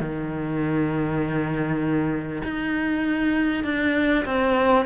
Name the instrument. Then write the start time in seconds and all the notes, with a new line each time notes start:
cello
0.00 D#3
2.44 D#4
3.64 D4
4.25 C4